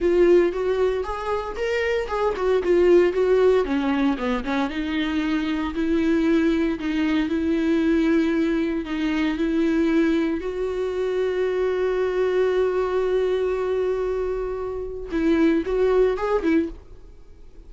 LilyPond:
\new Staff \with { instrumentName = "viola" } { \time 4/4 \tempo 4 = 115 f'4 fis'4 gis'4 ais'4 | gis'8 fis'8 f'4 fis'4 cis'4 | b8 cis'8 dis'2 e'4~ | e'4 dis'4 e'2~ |
e'4 dis'4 e'2 | fis'1~ | fis'1~ | fis'4 e'4 fis'4 gis'8 e'8 | }